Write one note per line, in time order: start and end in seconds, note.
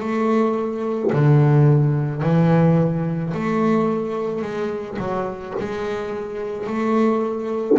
0.00 1.11 A3
1.13 2.22 D3
2.22 3.33 E3
3.34 4.42 A3
4.42 4.97 G#3
4.98 5.54 F#3
5.59 6.67 G#3
6.67 7.78 A3